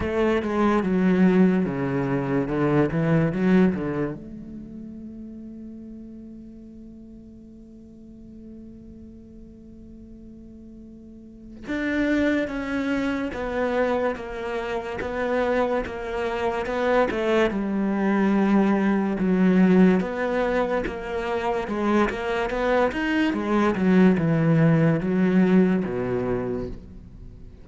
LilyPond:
\new Staff \with { instrumentName = "cello" } { \time 4/4 \tempo 4 = 72 a8 gis8 fis4 cis4 d8 e8 | fis8 d8 a2.~ | a1~ | a2 d'4 cis'4 |
b4 ais4 b4 ais4 | b8 a8 g2 fis4 | b4 ais4 gis8 ais8 b8 dis'8 | gis8 fis8 e4 fis4 b,4 | }